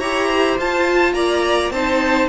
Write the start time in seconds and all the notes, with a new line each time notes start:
0.00 E4 G4 C#5 A#5
0.27 C5
0.58 F4 A5
1.14 A#3 D5 A#5
1.71 C4 D#4 C5 A5